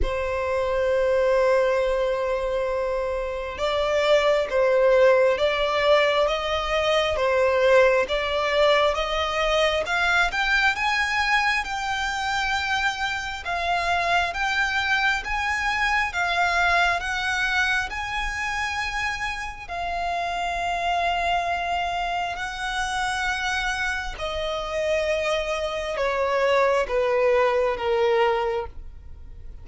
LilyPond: \new Staff \with { instrumentName = "violin" } { \time 4/4 \tempo 4 = 67 c''1 | d''4 c''4 d''4 dis''4 | c''4 d''4 dis''4 f''8 g''8 | gis''4 g''2 f''4 |
g''4 gis''4 f''4 fis''4 | gis''2 f''2~ | f''4 fis''2 dis''4~ | dis''4 cis''4 b'4 ais'4 | }